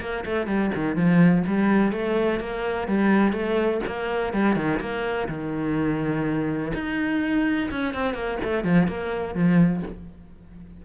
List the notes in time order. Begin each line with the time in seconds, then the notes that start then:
0.00 A#3
0.25 A3
0.46 G3
0.75 D#3
0.95 F3
1.47 G3
1.92 A3
2.40 A#3
2.88 G3
3.32 A3
3.86 A#3
4.33 G3
4.55 D#3
4.80 A#3
5.28 D#3
6.74 D#4
7.71 C#4
7.94 C4
8.14 A#3
8.43 A3
8.64 F3
8.88 A#3
9.34 F3